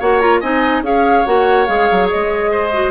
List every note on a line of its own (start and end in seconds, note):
0.00 0.42 A#3
0.00 0.21 F#4
0.00 0.40 C#5
0.00 0.20 F#5
0.20 0.42 F4
0.20 0.41 A#5
0.40 0.82 C4
0.40 0.84 D#4
0.40 0.82 D#5
0.40 0.83 G#5
0.82 1.24 C#4
0.82 1.25 G#4
0.82 2.51 C#5
0.82 1.26 F5
1.26 1.68 A#3
1.26 1.66 F#4
1.26 1.66 F#5
1.66 1.89 G#3
1.66 2.71 G#4
1.66 2.08 F5
1.91 2.12 F#3
2.10 2.90 G#3
2.10 2.90 D#5
2.51 2.90 C5
2.73 2.90 F#4